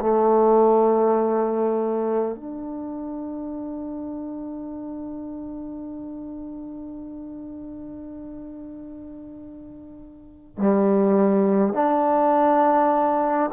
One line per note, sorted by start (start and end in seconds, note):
0.00 2.35 A3
2.35 10.58 D4
10.58 11.74 G3
11.74 13.50 D4